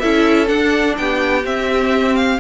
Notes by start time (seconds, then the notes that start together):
0.00 C#4 E4 A4 E5
0.47 D4 F#5
0.98 B3 G4 G5
1.45 C4 E5
2.16 F5